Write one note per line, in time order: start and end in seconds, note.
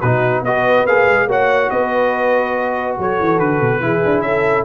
0.00 0.41 B2
0.00 0.45 D#4
0.00 0.42 F#4
0.00 0.43 B4
0.41 0.83 B3
0.41 0.88 F#4
0.41 1.27 B4
0.41 0.86 D#5
0.86 1.07 A#3
0.86 1.28 G#4
0.86 1.28 F5
1.07 1.26 G#3
1.26 1.69 A#3
1.26 3.81 F#4
1.26 1.70 C#5
1.26 1.70 F#5
1.70 2.97 B3
1.70 2.96 B4
1.70 2.96 D#5
2.98 3.19 F#3
2.98 3.82 A4
2.98 3.39 C#5
3.20 3.39 E3
3.39 3.60 D3
3.39 4.21 B4
3.60 3.80 B2
3.80 4.01 E3
3.80 4.64 E4
3.80 4.24 G#4
4.05 4.21 D4
4.21 4.63 C#4
4.21 4.64 A4
4.21 4.63 E5